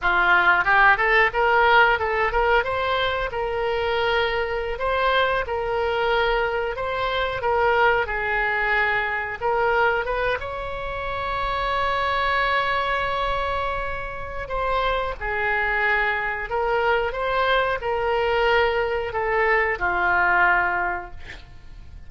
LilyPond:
\new Staff \with { instrumentName = "oboe" } { \time 4/4 \tempo 4 = 91 f'4 g'8 a'8 ais'4 a'8 ais'8 | c''4 ais'2~ ais'16 c''8.~ | c''16 ais'2 c''4 ais'8.~ | ais'16 gis'2 ais'4 b'8 cis''16~ |
cis''1~ | cis''2 c''4 gis'4~ | gis'4 ais'4 c''4 ais'4~ | ais'4 a'4 f'2 | }